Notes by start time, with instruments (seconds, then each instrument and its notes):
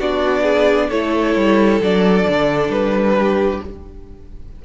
0.00 cello B3, viola D4, violin F#4 D5
0.43 violin G#4
0.90 cello A3, viola E4, violin A4 C#5
1.36 cello G3
1.81 cello F#3, viola D4, violin D5
2.29 cello D3
2.69 cello G3, violin B4
3.19 violin G4